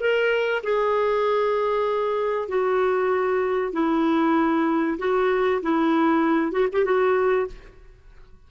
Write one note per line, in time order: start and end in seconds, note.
0.00 0.62 A#4
0.64 2.49 G#4
2.49 3.73 F#4
3.73 4.98 E4
4.99 5.61 F#4
5.63 6.52 E4
6.52 6.68 F#4
6.72 6.85 G4
6.85 7.47 F#4